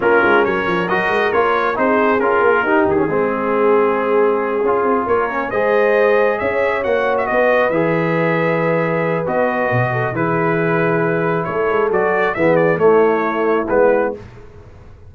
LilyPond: <<
  \new Staff \with { instrumentName = "trumpet" } { \time 4/4 \tempo 4 = 136 ais'4 cis''4 dis''4 cis''4 | c''4 ais'4. gis'4.~ | gis'2.~ gis'8 cis''8~ | cis''8 dis''2 e''4 fis''8~ |
fis''16 e''16 dis''4 e''2~ e''8~ | e''4 dis''2 b'4~ | b'2 cis''4 d''4 | e''8 d''8 cis''2 b'4 | }
  \new Staff \with { instrumentName = "horn" } { \time 4/4 f'4 ais'2. | gis'2 g'4 gis'4~ | gis'2.~ gis'8 ais'8~ | ais'8 c''2 cis''4.~ |
cis''8 b'2.~ b'8~ | b'2~ b'8 a'8 gis'4~ | gis'2 a'2 | gis'4 e'2. | }
  \new Staff \with { instrumentName = "trombone" } { \time 4/4 cis'2 fis'4 f'4 | dis'4 f'4 dis'8. cis'16 c'4~ | c'2~ c'8 f'4. | cis'8 gis'2. fis'8~ |
fis'4. gis'2~ gis'8~ | gis'4 fis'2 e'4~ | e'2. fis'4 | b4 a2 b4 | }
  \new Staff \with { instrumentName = "tuba" } { \time 4/4 ais8 gis8 fis8 f8 fis8 gis8 ais4 | c'4 cis'8 ais8 dis'8 dis8 gis4~ | gis2~ gis8 cis'8 c'8 ais8~ | ais8 gis2 cis'4 ais8~ |
ais8 b4 e2~ e8~ | e4 b4 b,4 e4~ | e2 a8 gis8 fis4 | e4 a2 gis4 | }
>>